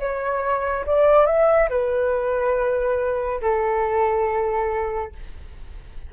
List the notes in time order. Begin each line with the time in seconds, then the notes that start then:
0.00 C#5
0.86 D5
1.26 E5
1.70 B4
3.41 A4